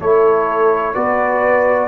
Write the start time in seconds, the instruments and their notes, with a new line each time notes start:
0.00 tuba A3, trombone E4, horn A4, trumpet C#5
0.95 tuba B3, trombone F#4, horn B4, trumpet D5